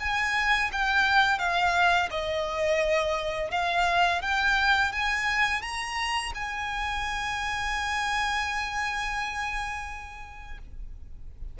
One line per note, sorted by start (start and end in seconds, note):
0.00 0.71 G#5
0.72 1.39 G5
1.39 2.10 F5
2.11 3.51 D#5
3.51 4.22 F5
4.22 4.93 G5
4.93 5.62 G#5
5.62 6.33 A#5
6.35 10.59 G#5